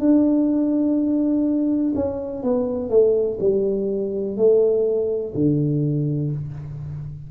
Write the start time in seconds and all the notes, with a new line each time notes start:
0.00 D4
1.95 C#4
2.43 B3
2.90 A3
3.40 G3
4.37 A3
5.35 D3